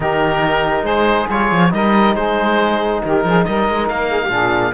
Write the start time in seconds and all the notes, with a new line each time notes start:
0.00 D#3 D#4 G4 A#4
0.82 G#3 G#4 C5
1.29 G3 F4 C#5
1.51 F3
1.70 G3 D#4 A#4 D#5
2.15 G#3 G#4 C5
3.04 D#3 G4 A#4
3.24 F3 G#4
3.44 G3 A#4 D#5
3.68 G#3
3.88 A#3 F5
4.10 G#4
4.22 G4
4.28 A#2 D4 G#4